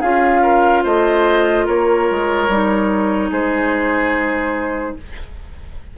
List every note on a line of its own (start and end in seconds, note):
0.00 0.85 C#4
0.00 2.49 F4
0.00 0.41 G#4
0.00 0.84 F5
0.43 0.84 A#4
0.84 1.67 A3
0.84 1.66 C5
0.84 1.67 D#5
1.66 2.10 A#3
1.66 3.30 A#4
1.66 3.32 C#5
2.11 2.48 G#3
2.48 3.30 G3
2.48 4.98 D#4
3.31 4.96 G#3
3.31 4.95 G#4
3.31 4.97 C5